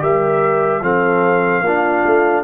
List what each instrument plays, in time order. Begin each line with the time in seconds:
0.00 tuba G3, trombone G4, horn A#4, trumpet E5
0.81 tuba F3, trombone C4, horn A4, trumpet F5
1.62 tuba A#3, trombone D4, horn F4
2.06 tuba A3